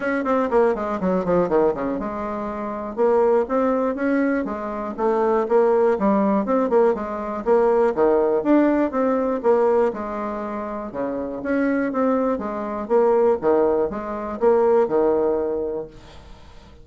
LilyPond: \new Staff \with { instrumentName = "bassoon" } { \time 4/4 \tempo 4 = 121 cis'8 c'8 ais8 gis8 fis8 f8 dis8 cis8 | gis2 ais4 c'4 | cis'4 gis4 a4 ais4 | g4 c'8 ais8 gis4 ais4 |
dis4 d'4 c'4 ais4 | gis2 cis4 cis'4 | c'4 gis4 ais4 dis4 | gis4 ais4 dis2 | }